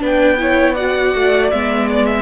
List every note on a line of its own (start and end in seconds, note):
0.00 1.15 B3
0.00 0.38 D4
0.00 0.39 B4
0.06 0.75 G5
0.39 0.76 E4
0.39 0.75 C#5
0.75 1.52 F#4
0.75 2.23 D5
0.75 1.50 F#5
1.15 1.52 A3
1.51 2.23 G#3
1.51 2.23 B3
1.51 1.88 E5
1.91 2.06 D5
2.06 2.23 E5